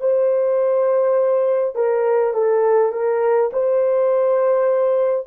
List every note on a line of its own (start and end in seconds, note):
0.00 1.75 C5
1.75 2.33 A#4
2.33 2.92 A4
2.92 3.51 A#4
3.52 5.27 C5